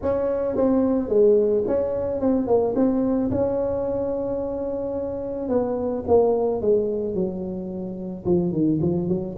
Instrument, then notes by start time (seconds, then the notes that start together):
tuba
0.02 C#4
0.56 C4
1.08 G#3
1.67 C#4
2.20 C4
2.47 A#3
2.75 C4
3.31 C#4
5.48 B3
6.07 A#3
6.61 G#3
7.14 F#3
8.25 F3
8.51 D#3
8.81 F3
9.08 F#3